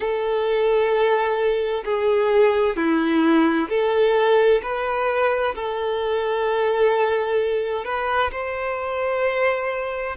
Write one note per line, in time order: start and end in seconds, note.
0.00 1.83 A4
1.84 2.76 G#4
2.76 3.68 E4
3.69 4.61 A4
4.62 5.54 B4
5.55 7.84 A4
7.84 8.30 B4
8.31 10.16 C5